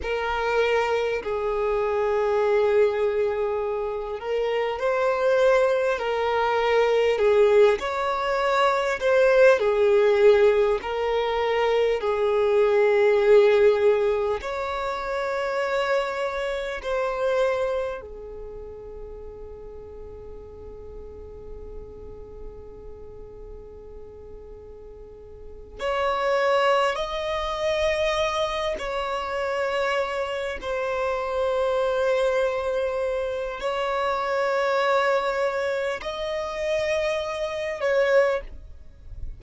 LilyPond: \new Staff \with { instrumentName = "violin" } { \time 4/4 \tempo 4 = 50 ais'4 gis'2~ gis'8 ais'8 | c''4 ais'4 gis'8 cis''4 c''8 | gis'4 ais'4 gis'2 | cis''2 c''4 gis'4~ |
gis'1~ | gis'4. cis''4 dis''4. | cis''4. c''2~ c''8 | cis''2 dis''4. cis''8 | }